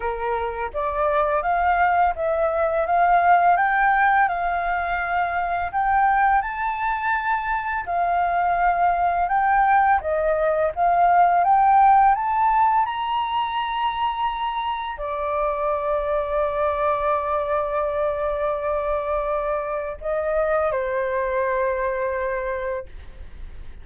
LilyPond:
\new Staff \with { instrumentName = "flute" } { \time 4/4 \tempo 4 = 84 ais'4 d''4 f''4 e''4 | f''4 g''4 f''2 | g''4 a''2 f''4~ | f''4 g''4 dis''4 f''4 |
g''4 a''4 ais''2~ | ais''4 d''2.~ | d''1 | dis''4 c''2. | }